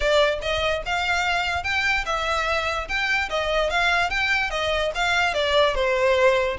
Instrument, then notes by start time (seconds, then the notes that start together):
violin
0.00 D5
0.41 D#5
0.85 F5
1.63 G5
2.05 E5
2.88 G5
3.29 D#5
3.70 F5
4.09 G5
4.50 D#5
4.94 F5
5.33 D5
5.74 C5